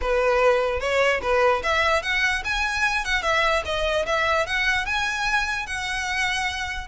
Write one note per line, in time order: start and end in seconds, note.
0.01 0.80 B4
0.80 1.20 C#5
1.22 1.62 B4
1.63 2.02 E5
2.02 2.43 F#5
2.44 3.05 G#5
3.05 3.22 F#5
3.22 3.62 E5
3.65 4.05 D#5
4.06 4.46 E5
4.46 4.85 F#5
4.85 5.66 G#5
5.66 6.88 F#5